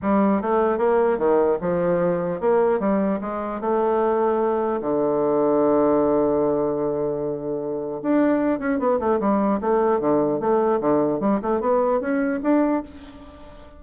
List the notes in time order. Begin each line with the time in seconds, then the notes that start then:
0.01 G3
0.41 A3
0.78 A#3
1.18 D#3
1.60 F3
2.40 A#3
2.79 G3
3.21 G#3
3.61 A3
4.81 D3
8.02 D4
8.59 C#4
8.79 B3
8.99 A3
9.19 G3
9.60 A3
9.99 D3
10.40 A3
10.80 D3
11.20 G3
11.42 A3
11.60 B3
12.00 C#4
12.42 D4